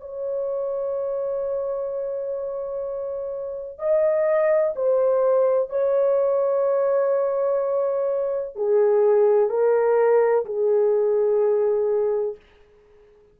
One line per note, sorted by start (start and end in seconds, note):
0.00 3.78 C#5
3.78 4.74 D#5
4.75 5.69 C5
5.69 8.55 C#5
8.55 9.49 G#4
9.49 10.45 A#4
10.45 12.35 G#4